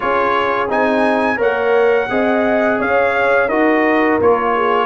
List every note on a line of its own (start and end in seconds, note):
0.00 0.70 C#4
0.00 0.67 F4
0.00 1.38 G#4
0.00 0.69 C#5
0.69 1.39 C4
0.69 1.36 D#4
0.69 1.40 G#5
1.36 2.09 A#3
1.36 2.06 A#4
1.36 2.08 C#5
1.36 2.81 F#5
2.09 2.80 C4
2.09 3.49 G#4
2.09 2.79 D#5
2.79 3.49 C#4
2.79 3.48 C#5
2.79 3.49 F5
3.48 4.18 D#4
3.48 4.20 F#4
3.48 4.53 A#4
3.48 4.18 D#5
4.20 4.86 A#3
4.20 4.86 F4
4.20 4.86 C#5
4.55 4.86 G#4